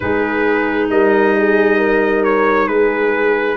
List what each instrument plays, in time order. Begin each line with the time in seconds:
0.00 tuba G#3, clarinet D#4, horn G#4, trumpet B4
0.89 tuba G3, horn A#4, trumpet D#5
1.37 horn G#4
1.77 horn A#4
2.24 trumpet C#5
2.66 tuba G#3, horn G#4, trumpet B4